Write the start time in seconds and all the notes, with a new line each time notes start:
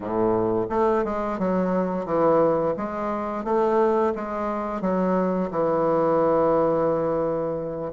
0.00 A2
0.69 A3
1.04 G#3
1.39 F#3
2.05 E3
2.76 G#3
3.44 A3
4.15 G#3
4.81 F#3
5.50 E3